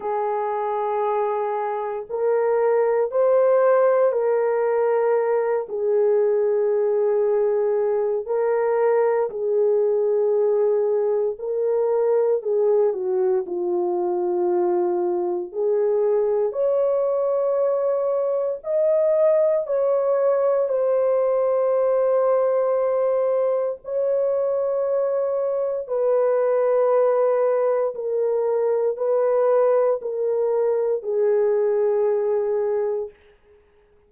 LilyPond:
\new Staff \with { instrumentName = "horn" } { \time 4/4 \tempo 4 = 58 gis'2 ais'4 c''4 | ais'4. gis'2~ gis'8 | ais'4 gis'2 ais'4 | gis'8 fis'8 f'2 gis'4 |
cis''2 dis''4 cis''4 | c''2. cis''4~ | cis''4 b'2 ais'4 | b'4 ais'4 gis'2 | }